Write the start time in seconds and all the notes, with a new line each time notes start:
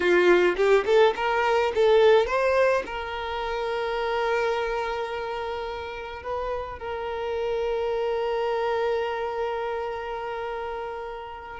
0.00 F4
0.56 G4
0.85 A4
1.16 A#4
1.74 A4
2.26 C5
2.86 A#4
6.22 B4
6.78 A#4